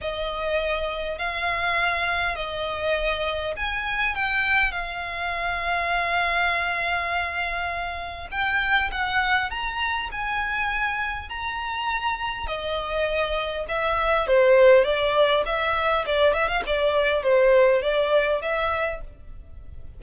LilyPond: \new Staff \with { instrumentName = "violin" } { \time 4/4 \tempo 4 = 101 dis''2 f''2 | dis''2 gis''4 g''4 | f''1~ | f''2 g''4 fis''4 |
ais''4 gis''2 ais''4~ | ais''4 dis''2 e''4 | c''4 d''4 e''4 d''8 e''16 f''16 | d''4 c''4 d''4 e''4 | }